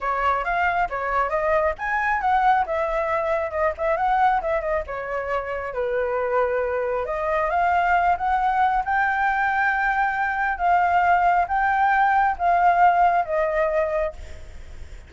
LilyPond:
\new Staff \with { instrumentName = "flute" } { \time 4/4 \tempo 4 = 136 cis''4 f''4 cis''4 dis''4 | gis''4 fis''4 e''2 | dis''8 e''8 fis''4 e''8 dis''8 cis''4~ | cis''4 b'2. |
dis''4 f''4. fis''4. | g''1 | f''2 g''2 | f''2 dis''2 | }